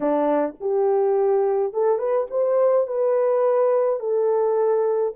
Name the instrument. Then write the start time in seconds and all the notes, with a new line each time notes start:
horn
0.00 D4
0.60 G4
1.73 A4
1.98 B4
2.30 C5
2.87 B4
3.99 A4